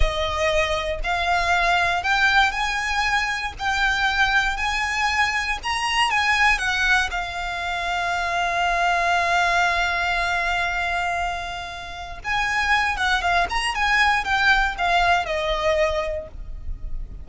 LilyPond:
\new Staff \with { instrumentName = "violin" } { \time 4/4 \tempo 4 = 118 dis''2 f''2 | g''4 gis''2 g''4~ | g''4 gis''2 ais''4 | gis''4 fis''4 f''2~ |
f''1~ | f''1 | gis''4. fis''8 f''8 ais''8 gis''4 | g''4 f''4 dis''2 | }